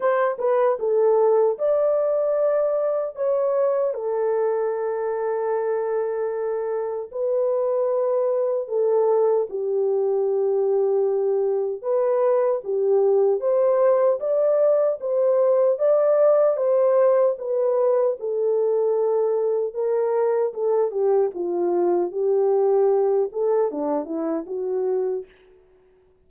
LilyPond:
\new Staff \with { instrumentName = "horn" } { \time 4/4 \tempo 4 = 76 c''8 b'8 a'4 d''2 | cis''4 a'2.~ | a'4 b'2 a'4 | g'2. b'4 |
g'4 c''4 d''4 c''4 | d''4 c''4 b'4 a'4~ | a'4 ais'4 a'8 g'8 f'4 | g'4. a'8 d'8 e'8 fis'4 | }